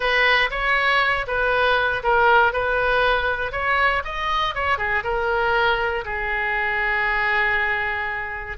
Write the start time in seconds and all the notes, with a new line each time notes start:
0.00 B4
0.50 C#5
1.27 B4
2.03 A#4
2.52 B4
3.52 C#5
4.04 D#5
4.54 C#5
4.78 G#4
5.03 A#4
6.05 G#4